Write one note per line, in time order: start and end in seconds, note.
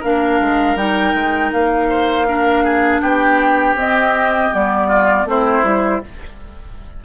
0.00 0.40 A#3
0.00 0.77 D4
0.00 1.88 A#4
0.00 0.77 F5
0.40 0.75 G#3
0.75 1.13 G3
0.75 2.27 D#4
0.75 1.52 G5
1.15 1.52 G#3
1.52 3.02 A#3
1.52 3.00 F5
1.90 2.27 C5
2.28 3.78 D4
2.28 2.64 A#4
2.64 3.01 G#4
3.00 3.74 B3
3.00 4.88 G4
3.00 3.75 G5
3.74 4.49 C4
3.74 4.52 C4
3.74 4.54 D#5
4.52 5.25 G3
4.52 5.27 B3
4.52 5.29 D5
4.88 5.25 F4
5.25 5.62 A3
5.25 5.64 C4
5.25 6.05 E4
5.25 6.04 C5
5.63 6.01 G3
5.63 6.02 E4